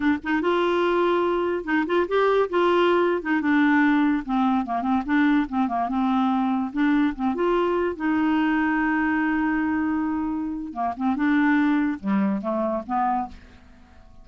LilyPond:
\new Staff \with { instrumentName = "clarinet" } { \time 4/4 \tempo 4 = 145 d'8 dis'8 f'2. | dis'8 f'8 g'4 f'4.~ f'16 dis'16~ | dis'16 d'2 c'4 ais8 c'16~ | c'16 d'4 c'8 ais8 c'4.~ c'16~ |
c'16 d'4 c'8 f'4. dis'8.~ | dis'1~ | dis'2 ais8 c'8 d'4~ | d'4 g4 a4 b4 | }